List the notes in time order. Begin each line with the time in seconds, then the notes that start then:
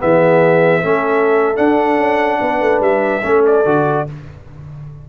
0.00 E3 B3 G#4 E5
0.83 A3 C#4 A4
1.55 D4 F#5
1.97 C#4
2.41 B3 B4
2.61 A3
2.81 G3 E5
3.23 A3 C#4 A4
3.47 D5
3.65 D3 F#4